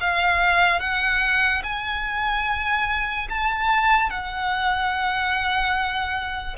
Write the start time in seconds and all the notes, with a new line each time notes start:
0.00 F5
0.80 F#5
1.63 G#5
3.29 A5
4.09 F#5